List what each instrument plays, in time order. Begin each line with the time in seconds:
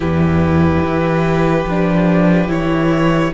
0.00 cello E2, viola E4, violin G4 B4
0.81 cello E3
1.66 cello F3, viola D4
2.48 cello E3, viola E4, violin C#5